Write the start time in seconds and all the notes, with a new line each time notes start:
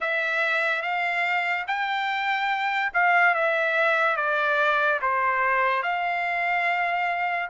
0.00 E5
0.82 F5
1.67 G5
2.93 F5
3.34 E5
4.16 D5
5.01 C5
5.83 F5